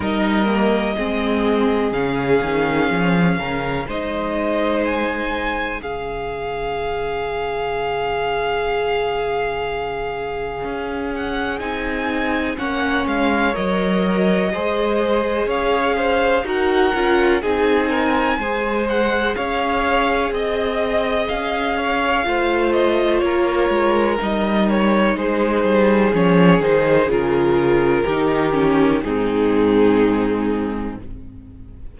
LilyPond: <<
  \new Staff \with { instrumentName = "violin" } { \time 4/4 \tempo 4 = 62 dis''2 f''2 | dis''4 gis''4 f''2~ | f''2.~ f''8 fis''8 | gis''4 fis''8 f''8 dis''2 |
f''4 fis''4 gis''4. fis''8 | f''4 dis''4 f''4. dis''8 | cis''4 dis''8 cis''8 c''4 cis''8 c''8 | ais'2 gis'2 | }
  \new Staff \with { instrumentName = "violin" } { \time 4/4 ais'4 gis'2~ gis'8 ais'8 | c''2 gis'2~ | gis'1~ | gis'4 cis''2 c''4 |
cis''8 c''8 ais'4 gis'8 ais'8 c''4 | cis''4 dis''4. cis''8 c''4 | ais'2 gis'2~ | gis'4 g'4 dis'2 | }
  \new Staff \with { instrumentName = "viola" } { \time 4/4 dis'8 ais8 c'4 cis'2 | dis'2 cis'2~ | cis'1 | dis'4 cis'4 ais'4 gis'4~ |
gis'4 fis'8 f'8 dis'4 gis'4~ | gis'2. f'4~ | f'4 dis'2 cis'8 dis'8 | f'4 dis'8 cis'8 c'2 | }
  \new Staff \with { instrumentName = "cello" } { \time 4/4 g4 gis4 cis8 dis8 f8 cis8 | gis2 cis2~ | cis2. cis'4 | c'4 ais8 gis8 fis4 gis4 |
cis'4 dis'8 cis'8 c'4 gis4 | cis'4 c'4 cis'4 a4 | ais8 gis8 g4 gis8 g8 f8 dis8 | cis4 dis4 gis,2 | }
>>